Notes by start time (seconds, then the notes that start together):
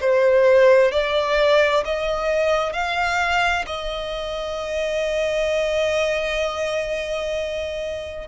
0.00 C5
0.91 D5
1.85 D#5
2.73 F5
3.66 D#5